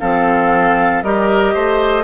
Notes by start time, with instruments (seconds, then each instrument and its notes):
0.00 bassoon F3, clarinet C4, oboe A4, flute F5
1.03 bassoon G3, clarinet G4, oboe A#4, flute D#5
1.54 bassoon A3, oboe C5